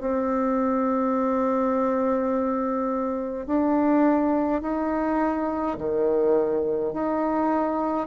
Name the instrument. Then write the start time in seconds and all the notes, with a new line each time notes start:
bassoon
0.00 C4
3.46 D4
4.62 D#4
5.77 D#3
6.93 D#4